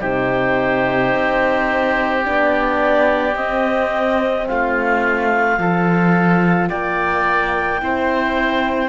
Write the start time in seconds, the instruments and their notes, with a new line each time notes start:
0.00 cello C3, horn D#4, oboe G4, clarinet C5
1.15 cello C4
2.24 cello B3, horn D4, clarinet D5
3.35 cello C4, horn C4, clarinet D#5
4.48 cello A3, oboe F4, clarinet F5
5.58 cello F3, horn F4, oboe A4
6.68 cello A#3, oboe D5, clarinet G5
7.79 cello C4, horn E4, oboe C5